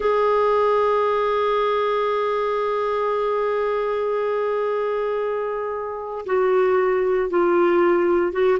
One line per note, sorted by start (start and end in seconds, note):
0.00 6.25 G#4
6.26 7.30 F#4
7.30 8.32 F4
8.32 8.58 F#4